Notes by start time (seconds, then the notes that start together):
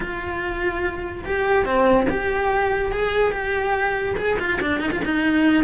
0.00 F4
1.25 G4
1.65 C4
2.09 G4
2.92 G#4
3.32 G4
4.16 G#4
4.39 F4
4.61 D4
4.80 D#4
4.91 F4
5.04 D#4